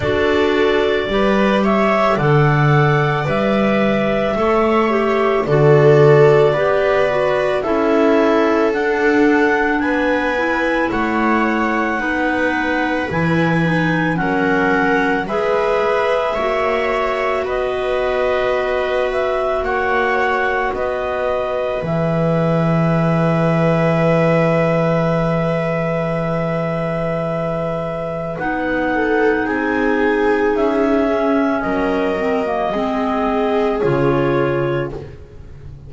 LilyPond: <<
  \new Staff \with { instrumentName = "clarinet" } { \time 4/4 \tempo 4 = 55 d''4. e''8 fis''4 e''4~ | e''4 d''2 e''4 | fis''4 gis''4 fis''2 | gis''4 fis''4 e''2 |
dis''4. e''8 fis''4 dis''4 | e''1~ | e''2 fis''4 gis''4 | e''4 dis''2 cis''4 | }
  \new Staff \with { instrumentName = "viola" } { \time 4/4 a'4 b'8 cis''8 d''2 | cis''4 a'4 b'4 a'4~ | a'4 b'4 cis''4 b'4~ | b'4 ais'4 b'4 cis''4 |
b'2 cis''4 b'4~ | b'1~ | b'2~ b'8 a'8 gis'4~ | gis'4 ais'4 gis'2 | }
  \new Staff \with { instrumentName = "clarinet" } { \time 4/4 fis'4 g'4 a'4 b'4 | a'8 g'8 fis'4 g'8 fis'8 e'4 | d'4. e'4. dis'4 | e'8 dis'8 cis'4 gis'4 fis'4~ |
fis'1 | gis'1~ | gis'2 dis'2~ | dis'8 cis'4 c'16 ais16 c'4 f'4 | }
  \new Staff \with { instrumentName = "double bass" } { \time 4/4 d'4 g4 d4 g4 | a4 d4 b4 cis'4 | d'4 b4 a4 b4 | e4 fis4 gis4 ais4 |
b2 ais4 b4 | e1~ | e2 b4 c'4 | cis'4 fis4 gis4 cis4 | }
>>